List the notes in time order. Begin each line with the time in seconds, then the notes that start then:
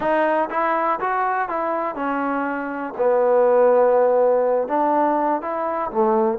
0.00 D#4
0.50 E4
1.00 F#4
1.48 E4
1.95 C#4
2.97 B3
4.68 D4
5.41 E4
5.91 A3